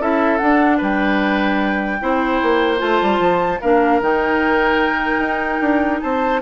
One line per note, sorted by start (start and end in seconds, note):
0.00 0.40 C#4
0.00 0.40 E4
0.00 0.78 A4
0.00 0.38 E5
0.38 2.00 D4
0.38 0.82 D4
0.38 0.78 F#5
0.78 2.02 G3
0.78 1.98 B4
0.78 2.80 G5
2.01 2.42 C4
2.01 2.78 E4
2.01 3.61 C5
2.43 2.82 A#3
2.78 3.02 A3
2.78 3.58 F4
2.78 3.60 A5
3.02 3.20 G3
3.20 3.60 F3
3.61 4.01 A#3
3.61 4.02 D4
3.61 6.01 A#4
3.61 4.01 F5
4.01 5.19 D#3
4.01 6.42 D#4
4.01 6.01 G5
5.19 5.59 D#4
5.61 6.01 D4
6.01 6.42 C4
6.01 6.42 C5
6.01 6.41 A5